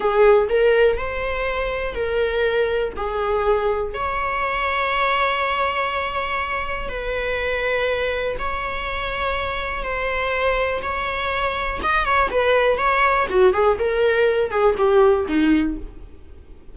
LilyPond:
\new Staff \with { instrumentName = "viola" } { \time 4/4 \tempo 4 = 122 gis'4 ais'4 c''2 | ais'2 gis'2 | cis''1~ | cis''2 b'2~ |
b'4 cis''2. | c''2 cis''2 | dis''8 cis''8 b'4 cis''4 fis'8 gis'8 | ais'4. gis'8 g'4 dis'4 | }